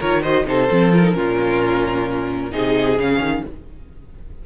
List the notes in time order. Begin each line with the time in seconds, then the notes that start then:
0.00 D#3 F4 A#4 C#5
0.22 F#4 C5 D#5
0.45 C3 D#4 A4 C5
0.71 F3 C4
0.92 F4 A#4
1.02 D#4
1.13 A#2 C#4 F4
2.51 C3 D#4 G#4 D#5
2.99 C#3 C#4 F5
3.19 D#3